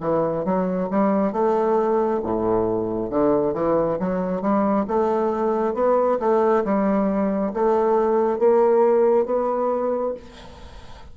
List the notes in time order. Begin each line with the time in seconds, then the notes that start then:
0.00 E3
0.44 F#3
0.90 G3
1.32 A3
2.23 A2
3.10 D3
3.53 E3
3.99 F#3
4.41 G3
4.87 A3
5.74 B3
6.19 A3
6.64 G3
7.53 A3
8.39 A#3
9.25 B3